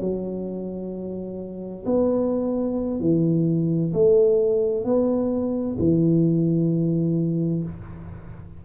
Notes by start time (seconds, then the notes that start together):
0.00 F#3
1.85 B3
3.00 E3
3.93 A3
4.84 B3
5.79 E3